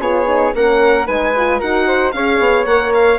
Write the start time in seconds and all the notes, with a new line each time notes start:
0.00 B3 F4 G#4 C#5
0.26 D#4
0.54 A#3 C#4 A#4 F#5
1.06 G#3 D#4 B4 G#5
1.37 F4
1.59 D#4 F#4 A#4 F#5
1.88 C5
2.12 C#4 G#4 C#5 F5
2.40 B3
2.66 A#3 A#4 F#5
2.94 F5